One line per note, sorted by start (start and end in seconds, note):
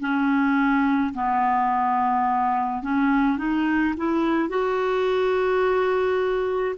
0.00 1.13 C#4
1.14 2.83 B3
2.83 3.38 C#4
3.38 3.94 D#4
3.97 4.49 E4
4.49 6.76 F#4